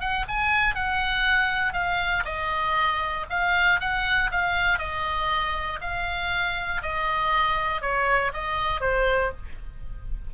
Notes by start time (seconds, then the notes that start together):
0.00 F#5
0.28 G#5
0.75 F#5
1.73 F5
2.25 D#5
3.30 F5
3.80 F#5
4.31 F5
4.78 D#5
5.81 F5
6.82 D#5
7.81 C#5
8.33 D#5
8.81 C5